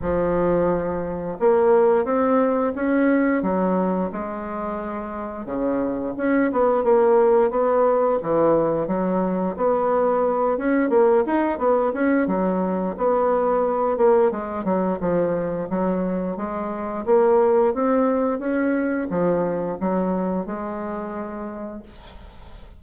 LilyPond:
\new Staff \with { instrumentName = "bassoon" } { \time 4/4 \tempo 4 = 88 f2 ais4 c'4 | cis'4 fis4 gis2 | cis4 cis'8 b8 ais4 b4 | e4 fis4 b4. cis'8 |
ais8 dis'8 b8 cis'8 fis4 b4~ | b8 ais8 gis8 fis8 f4 fis4 | gis4 ais4 c'4 cis'4 | f4 fis4 gis2 | }